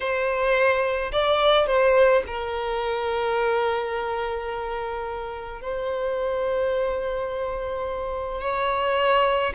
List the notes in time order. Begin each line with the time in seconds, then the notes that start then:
0.00 C5
1.12 D5
1.66 C5
2.26 A#4
5.61 C5
8.41 C#5